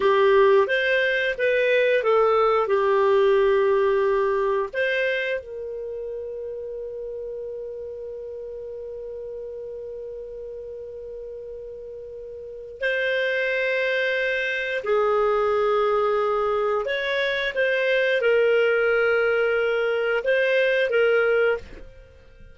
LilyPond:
\new Staff \with { instrumentName = "clarinet" } { \time 4/4 \tempo 4 = 89 g'4 c''4 b'4 a'4 | g'2. c''4 | ais'1~ | ais'1~ |
ais'2. c''4~ | c''2 gis'2~ | gis'4 cis''4 c''4 ais'4~ | ais'2 c''4 ais'4 | }